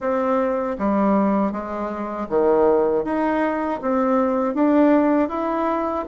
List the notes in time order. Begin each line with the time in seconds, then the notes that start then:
0.00 C4
0.78 G3
1.52 G#3
2.29 D#3
3.04 D#4
3.81 C4
4.54 D4
5.29 E4